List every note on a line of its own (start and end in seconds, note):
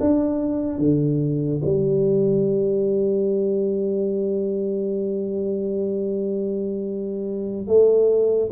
0.00 0.78 D4
0.78 1.62 D3
1.65 7.67 G3
7.67 8.51 A3